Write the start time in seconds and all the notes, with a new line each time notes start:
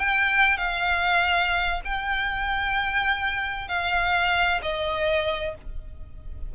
0.00 G5
0.58 F5
1.85 G5
3.69 F5
4.63 D#5